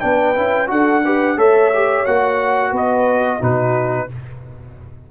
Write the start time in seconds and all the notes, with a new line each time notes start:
0.00 B3 D4 B4 G5
0.35 C#4 E4
0.67 D4 F#4 A4 F#5
1.04 G4 B4
1.37 A3 A4 C#5 E5
1.73 G4
2.06 A#3 F#4 F#5
2.72 B3 B4 D#5
3.39 B2 D#4 F#4 B4